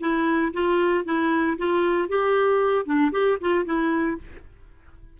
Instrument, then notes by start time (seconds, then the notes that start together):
clarinet
0.00 E4
0.53 F4
1.05 E4
1.58 F4
2.09 G4
2.86 D4
3.12 G4
3.41 F4
3.65 E4